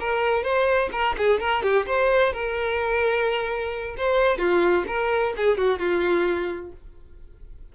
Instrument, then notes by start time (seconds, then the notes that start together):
violin
0.00 A#4
0.43 C5
0.92 A#4
1.18 G#4
1.40 A#4
1.63 G4
1.87 C5
2.33 A#4
3.97 C5
4.38 F4
4.87 A#4
5.37 G#4
5.58 F#4
5.79 F4